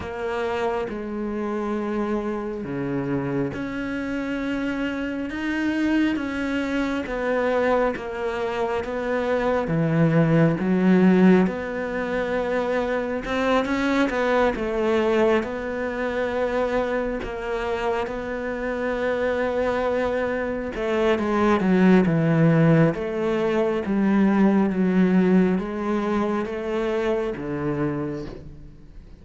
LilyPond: \new Staff \with { instrumentName = "cello" } { \time 4/4 \tempo 4 = 68 ais4 gis2 cis4 | cis'2 dis'4 cis'4 | b4 ais4 b4 e4 | fis4 b2 c'8 cis'8 |
b8 a4 b2 ais8~ | ais8 b2. a8 | gis8 fis8 e4 a4 g4 | fis4 gis4 a4 d4 | }